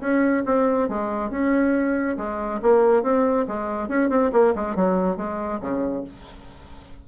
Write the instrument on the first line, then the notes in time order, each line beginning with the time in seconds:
bassoon
0.00 C#4
0.45 C4
0.88 G#3
1.30 C#4
2.17 G#3
2.62 A#3
3.02 C4
3.47 G#3
3.88 C#4
4.09 C4
4.32 A#3
4.55 G#3
4.75 F#3
5.17 G#3
5.61 C#3